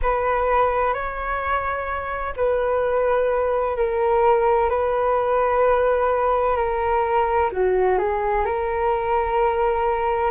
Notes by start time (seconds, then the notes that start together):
0.02 B4
0.93 C#5
2.36 B4
3.77 A#4
4.69 B4
6.56 A#4
7.52 F#4
7.98 G#4
8.45 A#4